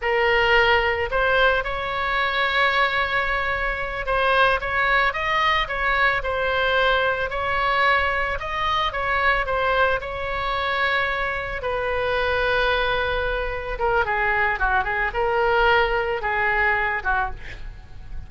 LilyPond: \new Staff \with { instrumentName = "oboe" } { \time 4/4 \tempo 4 = 111 ais'2 c''4 cis''4~ | cis''2.~ cis''8 c''8~ | c''8 cis''4 dis''4 cis''4 c''8~ | c''4. cis''2 dis''8~ |
dis''8 cis''4 c''4 cis''4.~ | cis''4. b'2~ b'8~ | b'4. ais'8 gis'4 fis'8 gis'8 | ais'2 gis'4. fis'8 | }